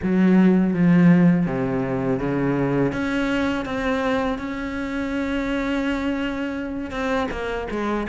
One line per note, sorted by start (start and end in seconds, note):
0.02 0.73 F#3
0.73 1.46 F3
1.46 2.19 C3
2.19 2.92 C#3
2.92 3.65 C#4
3.65 4.38 C4
4.38 6.90 C#4
6.90 7.27 C4
7.31 7.67 A#3
7.70 8.07 G#3